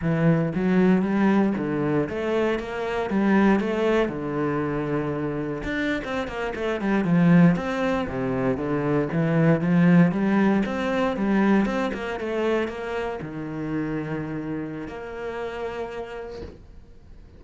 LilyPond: \new Staff \with { instrumentName = "cello" } { \time 4/4 \tempo 4 = 117 e4 fis4 g4 d4 | a4 ais4 g4 a4 | d2. d'8. c'16~ | c'16 ais8 a8 g8 f4 c'4 c16~ |
c8. d4 e4 f4 g16~ | g8. c'4 g4 c'8 ais8 a16~ | a8. ais4 dis2~ dis16~ | dis4 ais2. | }